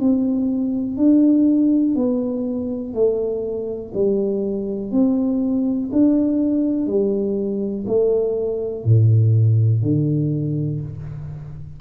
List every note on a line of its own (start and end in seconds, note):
0.00 0.97 C4
0.97 1.95 D4
1.96 2.94 B3
2.94 3.93 A3
3.94 4.92 G3
4.92 5.90 C4
5.92 6.87 D4
6.87 7.85 G3
7.87 8.84 A3
8.84 9.82 A2
9.82 10.81 D3